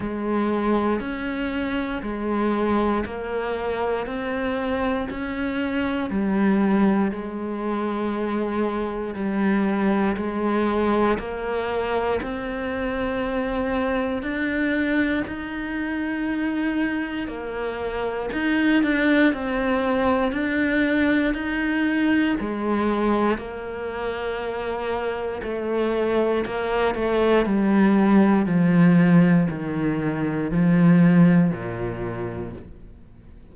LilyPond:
\new Staff \with { instrumentName = "cello" } { \time 4/4 \tempo 4 = 59 gis4 cis'4 gis4 ais4 | c'4 cis'4 g4 gis4~ | gis4 g4 gis4 ais4 | c'2 d'4 dis'4~ |
dis'4 ais4 dis'8 d'8 c'4 | d'4 dis'4 gis4 ais4~ | ais4 a4 ais8 a8 g4 | f4 dis4 f4 ais,4 | }